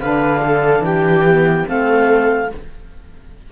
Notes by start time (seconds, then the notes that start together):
0.00 D3 D4 B4 F5
0.44 A4
0.81 E3 G4 G5
1.27 B3
1.66 A3 C4 A4 F5